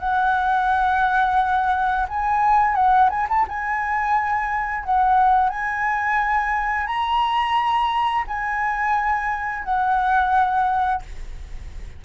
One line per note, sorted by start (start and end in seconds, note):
0.00 2.07 F#5
2.09 2.75 G#5
2.75 3.10 F#5
3.10 3.28 G#5
3.29 3.47 A5
3.49 4.84 G#5
4.84 5.50 F#5
5.50 6.87 G#5
6.87 8.25 A#5
8.28 9.65 G#5
9.65 11.03 F#5